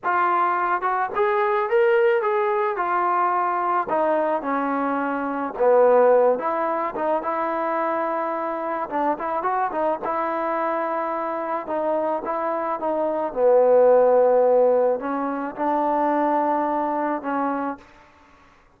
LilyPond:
\new Staff \with { instrumentName = "trombone" } { \time 4/4 \tempo 4 = 108 f'4. fis'8 gis'4 ais'4 | gis'4 f'2 dis'4 | cis'2 b4. e'8~ | e'8 dis'8 e'2. |
d'8 e'8 fis'8 dis'8 e'2~ | e'4 dis'4 e'4 dis'4 | b2. cis'4 | d'2. cis'4 | }